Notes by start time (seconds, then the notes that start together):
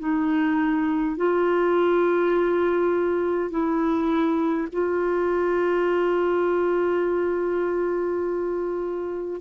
0.00 D#4
1.17 F4
3.51 E4
4.73 F4